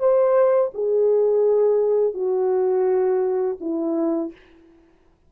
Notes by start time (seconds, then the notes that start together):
0.00 C5
0.75 G#4
2.15 F#4
3.61 E4